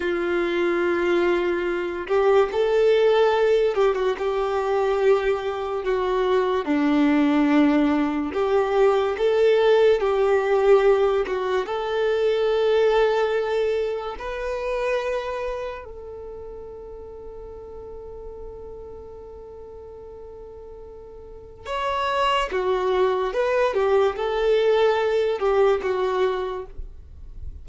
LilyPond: \new Staff \with { instrumentName = "violin" } { \time 4/4 \tempo 4 = 72 f'2~ f'8 g'8 a'4~ | a'8 g'16 fis'16 g'2 fis'4 | d'2 g'4 a'4 | g'4. fis'8 a'2~ |
a'4 b'2 a'4~ | a'1~ | a'2 cis''4 fis'4 | b'8 g'8 a'4. g'8 fis'4 | }